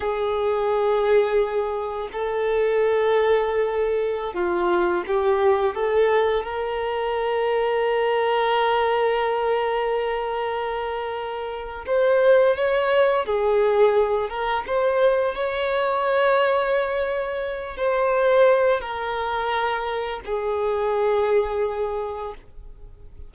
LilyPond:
\new Staff \with { instrumentName = "violin" } { \time 4/4 \tempo 4 = 86 gis'2. a'4~ | a'2~ a'16 f'4 g'8.~ | g'16 a'4 ais'2~ ais'8.~ | ais'1~ |
ais'4 c''4 cis''4 gis'4~ | gis'8 ais'8 c''4 cis''2~ | cis''4. c''4. ais'4~ | ais'4 gis'2. | }